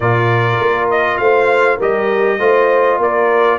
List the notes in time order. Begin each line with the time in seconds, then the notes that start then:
0.00 A#2 F4 A#4 D5
0.59 A#3
0.90 D#5
1.17 A3 C5 F5
1.77 G3 G4 A#4 D#5
2.39 A3 F4 C5
2.98 A#3 A#4 D5